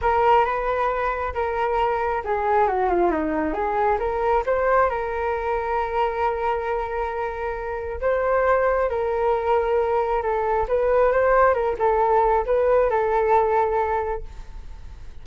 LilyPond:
\new Staff \with { instrumentName = "flute" } { \time 4/4 \tempo 4 = 135 ais'4 b'2 ais'4~ | ais'4 gis'4 fis'8 f'8 dis'4 | gis'4 ais'4 c''4 ais'4~ | ais'1~ |
ais'2 c''2 | ais'2. a'4 | b'4 c''4 ais'8 a'4. | b'4 a'2. | }